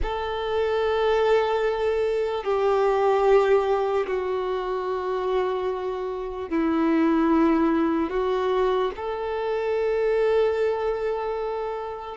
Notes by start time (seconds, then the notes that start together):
0.02 A4
2.44 G4
4.07 F#4
6.49 E4
8.10 F#4
8.96 A4